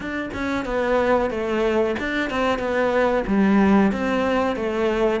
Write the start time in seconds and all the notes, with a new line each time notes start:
0.00 D4
0.33 C#4
0.65 B3
1.30 A3
1.99 D4
2.29 C4
2.58 B3
3.26 G3
3.92 C4
4.56 A3